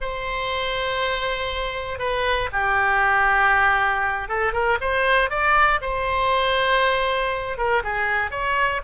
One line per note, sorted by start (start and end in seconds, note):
0.00 1.98 C5
1.98 2.49 B4
2.52 4.28 G4
4.28 4.52 A4
4.52 4.77 A#4
4.80 5.30 C5
5.30 5.80 D5
5.81 7.57 C5
7.57 7.82 A#4
7.83 8.30 G#4
8.30 8.81 C#5